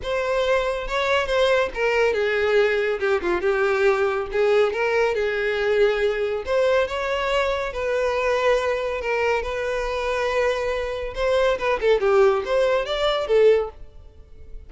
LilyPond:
\new Staff \with { instrumentName = "violin" } { \time 4/4 \tempo 4 = 140 c''2 cis''4 c''4 | ais'4 gis'2 g'8 f'8 | g'2 gis'4 ais'4 | gis'2. c''4 |
cis''2 b'2~ | b'4 ais'4 b'2~ | b'2 c''4 b'8 a'8 | g'4 c''4 d''4 a'4 | }